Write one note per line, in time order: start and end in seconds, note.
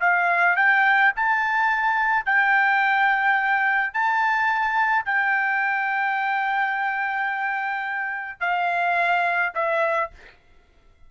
0.00 0.56 F5
0.56 1.12 G5
1.15 2.25 A5
2.25 3.93 G5
3.93 5.05 A5
5.05 8.40 G5
8.40 9.52 F5
9.55 10.11 E5